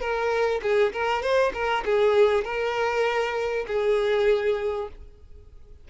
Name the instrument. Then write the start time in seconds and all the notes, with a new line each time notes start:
violin
0.00 A#4
0.62 G#4
0.93 A#4
1.22 C5
1.53 A#4
1.85 G#4
2.44 A#4
3.67 G#4